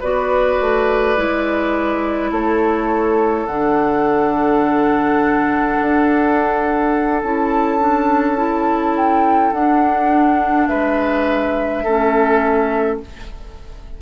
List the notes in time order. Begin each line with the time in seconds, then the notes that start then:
0.00 B3 F#4 B4 D5
0.60 A3
1.17 G#3 E4
2.31 A3 A4 C#5
3.47 D3 D4 F#5
5.81 D4
7.22 C#4 E4 A5
7.80 D4
8.37 E4
8.97 G5
9.52 D4 F#5
10.67 G#3 B4 E5
11.84 A3 C#4 A4